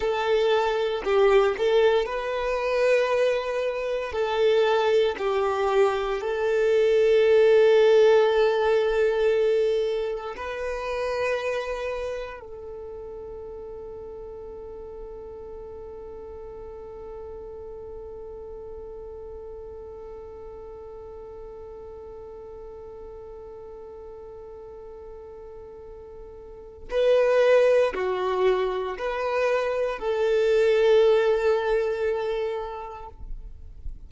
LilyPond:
\new Staff \with { instrumentName = "violin" } { \time 4/4 \tempo 4 = 58 a'4 g'8 a'8 b'2 | a'4 g'4 a'2~ | a'2 b'2 | a'1~ |
a'1~ | a'1~ | a'2 b'4 fis'4 | b'4 a'2. | }